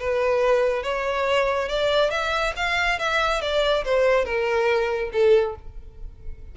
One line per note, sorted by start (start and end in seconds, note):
0.00 0.83 B4
0.83 1.69 C#5
1.69 2.11 D5
2.11 2.54 E5
2.57 2.99 F5
2.99 3.42 E5
3.42 3.85 D5
3.85 4.25 C5
4.25 5.11 A#4
5.13 5.56 A4